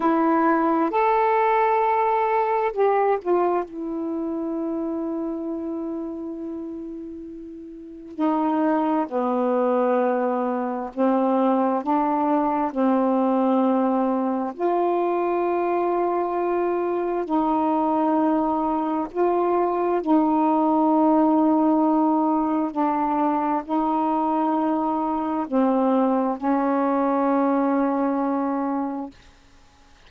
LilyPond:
\new Staff \with { instrumentName = "saxophone" } { \time 4/4 \tempo 4 = 66 e'4 a'2 g'8 f'8 | e'1~ | e'4 dis'4 b2 | c'4 d'4 c'2 |
f'2. dis'4~ | dis'4 f'4 dis'2~ | dis'4 d'4 dis'2 | c'4 cis'2. | }